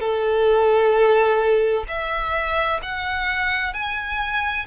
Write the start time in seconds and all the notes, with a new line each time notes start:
0.00 A4
1.88 E5
2.83 F#5
3.74 G#5